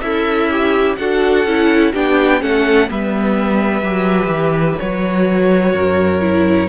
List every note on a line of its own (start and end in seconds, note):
0.00 0.97 C#4
0.00 0.98 E4
0.00 0.50 A4
0.00 0.95 E5
0.50 0.98 G4
0.97 1.45 D4
0.97 1.46 F#4
0.97 1.93 A4
0.97 1.92 F#5
1.45 1.92 C#4
1.45 1.94 E4
1.93 2.42 B3
1.93 2.39 D4
1.93 2.40 G4
1.93 2.42 G5
2.39 2.89 A3
2.39 2.87 C#4
2.39 2.89 A4
2.39 2.89 F#5
2.87 3.82 G3
2.87 3.83 B3
2.87 5.74 B4
2.87 4.79 E5
3.82 4.27 F#3
3.82 4.79 G4
4.27 4.75 E3
4.79 5.74 F#3
4.79 6.20 F#4
4.79 6.69 C#5
5.74 6.69 F#2
5.74 6.69 A#4
6.20 6.68 E4